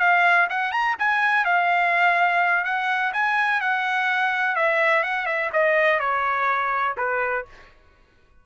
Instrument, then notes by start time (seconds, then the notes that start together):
trumpet
0.00 F5
0.50 F#5
0.72 A#5
0.99 G#5
1.45 F5
2.65 F#5
3.14 G#5
3.61 F#5
4.56 E5
5.04 F#5
5.26 E5
5.53 D#5
6.00 C#5
6.98 B4